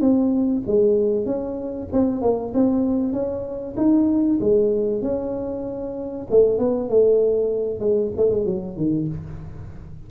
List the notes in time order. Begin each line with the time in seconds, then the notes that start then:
0.00 C4
0.66 G#3
1.25 C#4
1.92 C4
2.21 A#3
2.53 C4
3.12 C#4
3.76 D#4
4.40 G#3
5.01 C#4
6.30 A3
6.58 B3
6.89 A3
7.79 G#3
8.16 A3
8.30 G#3
8.45 F#3
8.76 D#3